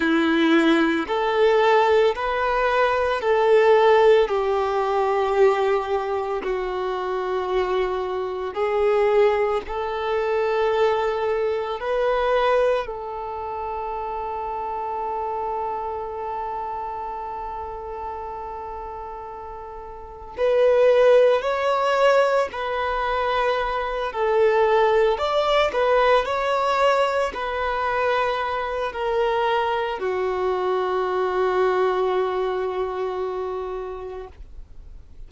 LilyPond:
\new Staff \with { instrumentName = "violin" } { \time 4/4 \tempo 4 = 56 e'4 a'4 b'4 a'4 | g'2 fis'2 | gis'4 a'2 b'4 | a'1~ |
a'2. b'4 | cis''4 b'4. a'4 d''8 | b'8 cis''4 b'4. ais'4 | fis'1 | }